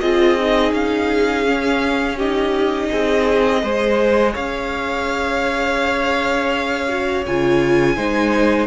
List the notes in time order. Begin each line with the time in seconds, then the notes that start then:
0.00 C4 F4 G#4 D#5
0.39 D#4
0.72 C#4 F5
1.46 C#4
2.16 D#4 G4 D#5
2.91 C4 G#4
3.62 G#3 G#4 C5
4.32 C#4 C#5 F5
6.88 F#4
7.26 C#3 F4 G#5
7.96 G#3 D#4 C5